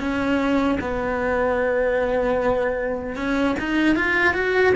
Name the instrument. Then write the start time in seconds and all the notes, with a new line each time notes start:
cello
0.00 C#4
0.81 B3
3.17 C#4
3.60 D#4
3.96 F4
4.34 F#4